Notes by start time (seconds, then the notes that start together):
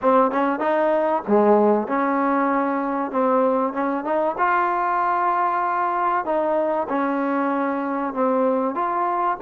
0.01 C4
0.31 C#4
0.59 D#4
1.27 G#3
1.87 C#4
3.11 C4
3.73 C#4
4.04 D#4
4.38 F4
6.25 D#4
6.88 C#4
8.13 C4
8.74 F4